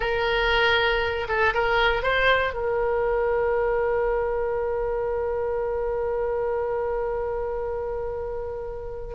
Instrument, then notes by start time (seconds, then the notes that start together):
oboe
0.00 A#4
1.28 A4
1.54 A#4
2.02 C5
2.53 A#4